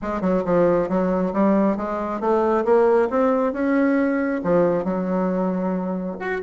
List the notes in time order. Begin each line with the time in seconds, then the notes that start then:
0.02 G#3
0.21 F#3
0.45 F3
0.88 F#3
1.33 G3
1.76 G#3
2.20 A3
2.64 A#3
3.10 C4
3.53 C#4
4.43 F3
4.84 F#3
6.19 F#4